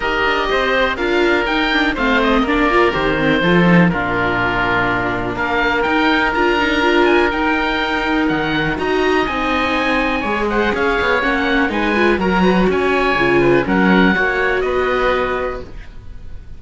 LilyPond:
<<
  \new Staff \with { instrumentName = "oboe" } { \time 4/4 \tempo 4 = 123 dis''2 f''4 g''4 | f''8 dis''8 d''4 c''2 | ais'2. f''4 | g''4 ais''4. gis''8 g''4~ |
g''4 fis''4 ais''4 gis''4~ | gis''4. fis''8 f''4 fis''4 | gis''4 ais''4 gis''2 | fis''2 dis''2 | }
  \new Staff \with { instrumentName = "oboe" } { \time 4/4 ais'4 c''4 ais'2 | c''4 ais'2 a'4 | f'2. ais'4~ | ais'1~ |
ais'2 dis''2~ | dis''4 cis''8 c''8 cis''2 | b'4 ais'8 b'8 cis''4. b'8 | ais'4 cis''4 b'2 | }
  \new Staff \with { instrumentName = "viola" } { \time 4/4 g'2 f'4 dis'8 d'8 | c'4 d'8 f'8 g'8 c'8 f'8 dis'8 | d'1 | dis'4 f'8 dis'8 f'4 dis'4~ |
dis'2 fis'4 dis'4~ | dis'4 gis'2 cis'4 | dis'8 f'8 fis'2 f'4 | cis'4 fis'2. | }
  \new Staff \with { instrumentName = "cello" } { \time 4/4 dis'8 d'8 c'4 d'4 dis'4 | a4 ais4 dis4 f4 | ais,2. ais4 | dis'4 d'2 dis'4~ |
dis'4 dis4 dis'4 c'4~ | c'4 gis4 cis'8 b8 ais4 | gis4 fis4 cis'4 cis4 | fis4 ais4 b2 | }
>>